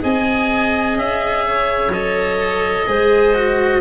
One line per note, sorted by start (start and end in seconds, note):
0.00 0.95 C4
0.00 1.90 G#4
0.00 1.45 D#5
0.00 0.98 G#5
0.95 1.88 C#4
0.95 1.92 E5
1.46 2.87 C#5
1.88 2.83 F#3
1.88 2.87 A4
1.88 3.81 D#5
2.87 3.81 G#3
2.87 3.34 G#4
2.87 3.81 C5
3.34 3.81 F#4